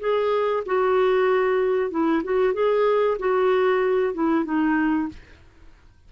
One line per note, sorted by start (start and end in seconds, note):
0.00 0.64 G#4
0.66 1.91 F#4
1.91 2.23 E4
2.24 2.54 F#4
2.54 3.18 G#4
3.19 4.14 F#4
4.14 4.45 E4
4.45 5.09 D#4